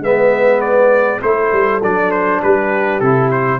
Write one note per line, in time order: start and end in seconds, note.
0.00 1.19 G#3
0.00 1.22 B3
0.00 1.23 B4
0.00 0.60 E5
0.60 1.20 D5
1.22 1.52 A3
1.22 1.81 E4
1.22 2.42 A4
1.22 1.81 C5
1.52 1.82 G3
1.82 2.41 F#3
1.82 3.01 D4
1.82 2.11 D5
2.11 2.40 C5
2.42 3.00 G3
2.42 3.59 G4
2.42 3.00 B4
3.00 3.59 C3
3.00 3.59 E4
3.00 3.29 A4
3.31 3.59 C5